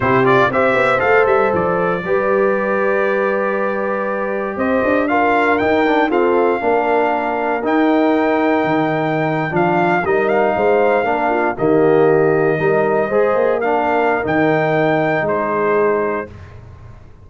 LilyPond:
<<
  \new Staff \with { instrumentName = "trumpet" } { \time 4/4 \tempo 4 = 118 c''8 d''8 e''4 f''8 e''8 d''4~ | d''1~ | d''4 dis''4 f''4 g''4 | f''2. g''4~ |
g''2~ g''8. f''4 dis''16~ | dis''16 f''2~ f''8 dis''4~ dis''16~ | dis''2~ dis''8. f''4~ f''16 | g''2 c''2 | }
  \new Staff \with { instrumentName = "horn" } { \time 4/4 g'4 c''2. | b'1~ | b'4 c''4 ais'2 | a'4 ais'2.~ |
ais'2~ ais'8. f'4 ais'16~ | ais'8. c''4 ais'8 f'8 g'4~ g'16~ | g'8. ais'4 c''4 ais'4~ ais'16~ | ais'2 gis'2 | }
  \new Staff \with { instrumentName = "trombone" } { \time 4/4 e'8 f'8 g'4 a'2 | g'1~ | g'2 f'4 dis'8 d'8 | c'4 d'2 dis'4~ |
dis'2~ dis'8. d'4 dis'16~ | dis'4.~ dis'16 d'4 ais4~ ais16~ | ais8. dis'4 gis'4 d'4~ d'16 | dis'1 | }
  \new Staff \with { instrumentName = "tuba" } { \time 4/4 c4 c'8 b8 a8 g8 f4 | g1~ | g4 c'8 d'4. dis'4 | f'4 ais2 dis'4~ |
dis'4 dis4.~ dis16 f4 g16~ | g8. gis4 ais4 dis4~ dis16~ | dis8. g4 gis8 ais4.~ ais16 | dis2 gis2 | }
>>